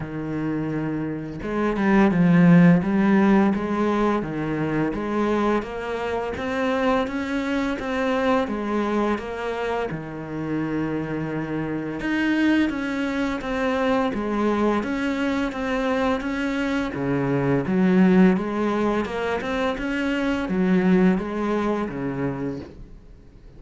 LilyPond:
\new Staff \with { instrumentName = "cello" } { \time 4/4 \tempo 4 = 85 dis2 gis8 g8 f4 | g4 gis4 dis4 gis4 | ais4 c'4 cis'4 c'4 | gis4 ais4 dis2~ |
dis4 dis'4 cis'4 c'4 | gis4 cis'4 c'4 cis'4 | cis4 fis4 gis4 ais8 c'8 | cis'4 fis4 gis4 cis4 | }